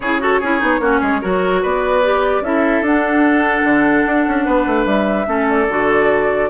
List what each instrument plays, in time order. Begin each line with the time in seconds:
0.00 bassoon C#3, clarinet E4, oboe G#4, flute C#5
0.20 clarinet F#4, oboe A4
0.40 bassoon C#4, clarinet E4, oboe G#4
0.59 bassoon B3, clarinet D#4
0.79 bassoon A#3, clarinet C#4, oboe F#4
1.00 bassoon G#3, oboe G#4
1.21 bassoon F#3, clarinet F#4, oboe A#4
1.61 bassoon B3, oboe B4, flute D5
2.03 clarinet G4
2.41 bassoon C#4, clarinet E4, oboe A4, flute E5
2.81 bassoon D4, clarinet D4, flute F#5
3.64 bassoon D3
4.05 bassoon D4
4.27 bassoon C#4
4.45 bassoon B3, oboe B4
4.66 bassoon A3
4.85 bassoon G3, flute E5
5.26 bassoon A3, clarinet C#4, oboe A4
5.49 flute D5
5.68 bassoon D3, clarinet F#4